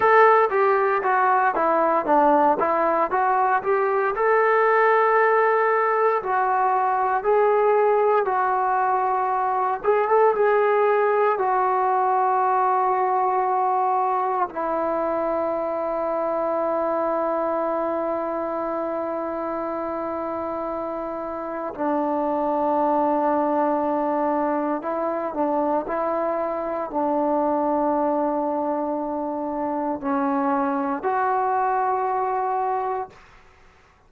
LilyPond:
\new Staff \with { instrumentName = "trombone" } { \time 4/4 \tempo 4 = 58 a'8 g'8 fis'8 e'8 d'8 e'8 fis'8 g'8 | a'2 fis'4 gis'4 | fis'4. gis'16 a'16 gis'4 fis'4~ | fis'2 e'2~ |
e'1~ | e'4 d'2. | e'8 d'8 e'4 d'2~ | d'4 cis'4 fis'2 | }